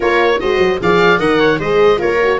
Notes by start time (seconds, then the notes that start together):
0.00 A#3 F4 A#4 C#5
0.40 G#3 F#4 C5 D#5
0.58 F#3
0.80 F3 G#4 D5 F5
1.19 D#3 A#4 D#5 F#5
1.39 C#5
1.59 G#3 G#4 C5 D#5
1.97 A#3 F4 A#4 C#5
2.22 F#4